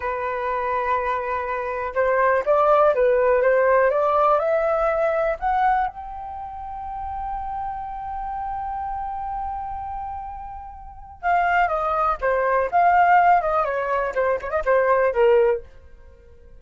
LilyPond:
\new Staff \with { instrumentName = "flute" } { \time 4/4 \tempo 4 = 123 b'1 | c''4 d''4 b'4 c''4 | d''4 e''2 fis''4 | g''1~ |
g''1~ | g''2. f''4 | dis''4 c''4 f''4. dis''8 | cis''4 c''8 cis''16 dis''16 c''4 ais'4 | }